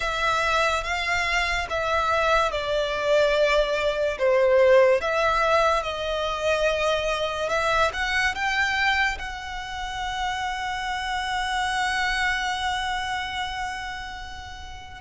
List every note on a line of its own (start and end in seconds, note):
0.00 0.83 E5
0.83 1.67 F5
1.69 2.51 E5
2.51 4.18 D5
4.18 5.00 C5
5.00 5.83 E5
5.83 7.49 D#5
7.49 7.91 E5
7.93 8.34 F#5
8.34 9.18 G5
9.18 15.01 F#5